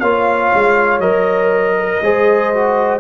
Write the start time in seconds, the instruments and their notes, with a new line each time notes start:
0.00 tuba A#3, trombone F4, horn C#5, trumpet F5
0.55 tuba G#3
1.00 tuba F#3, trombone A#4, trumpet D#5
1.78 horn A#4
2.02 tuba G#3, trombone G#4, horn C5
2.54 trombone F#4